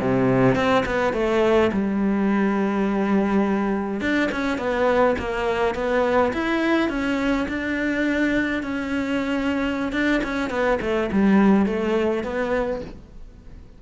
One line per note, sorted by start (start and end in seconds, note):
0.00 0.55 C3
0.55 0.84 C4
0.85 1.13 B3
1.13 1.70 A3
1.72 4.01 G3
4.01 4.30 D4
4.31 4.58 C#4
4.58 5.15 B3
5.18 5.75 A#3
5.75 6.32 B3
6.33 6.89 E4
6.89 7.47 C#4
7.48 8.62 D4
8.62 9.92 C#4
9.92 10.21 D4
10.23 10.50 C#4
10.50 10.79 B3
10.81 11.10 A3
11.12 11.66 G3
11.66 12.23 A3
12.23 12.81 B3